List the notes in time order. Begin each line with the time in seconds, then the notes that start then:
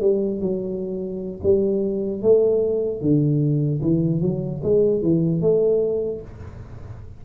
0.00 G3
0.40 F#3
1.43 G3
2.22 A3
3.01 D3
3.81 E3
4.21 F#3
4.63 G#3
5.02 E3
5.41 A3